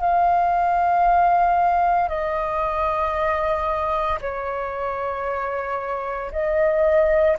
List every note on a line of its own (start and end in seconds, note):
0.00 2.09 F5
2.09 4.19 D#5
4.21 6.32 C#5
6.32 7.37 D#5